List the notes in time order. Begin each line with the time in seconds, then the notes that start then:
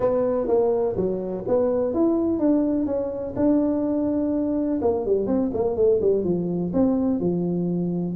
0.00 B3
0.47 A#3
0.96 F#3
1.47 B3
1.94 E4
2.39 D4
2.86 C#4
3.36 D4
4.81 A#3
5.05 G3
5.26 C4
5.53 A#3
5.76 A3
6.01 G3
6.24 F3
6.73 C4
7.20 F3